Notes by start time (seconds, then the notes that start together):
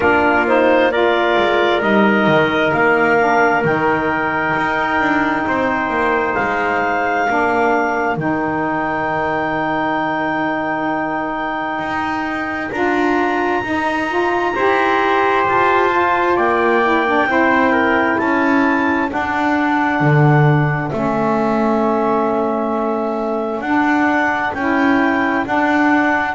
0.00 A#3 D4 F4 A#4
0.46 D#4 C5
0.91 F4 A#4 D5
1.37 G#3
1.80 G3 D#4 D#5
2.27 D#3
2.72 A#3 F5
3.17 D4
3.63 D#3 D#4 G5
4.56 D#4
4.99 D4
5.47 C4 C5
5.89 A#3
6.34 G#3 F5
7.27 A#3 D4 A#4
8.16 D#3 D#4 G5
11.78 D#4
12.71 D4 F4 A#5
13.63 D#4
14.09 F4
14.55 E4 G4 C5
15.47 F4 A5
15.90 F4
16.36 A#3 D5 G5
16.83 E4
17.06 D4
17.25 C4 E4 C5
17.72 A#4
18.17 C#4 A4 A5
19.08 D4 F#5
20.00 D3
20.89 A3 C#4 E5
23.60 D4 F#5
24.54 C#4 E4 G5
25.45 D4 F#5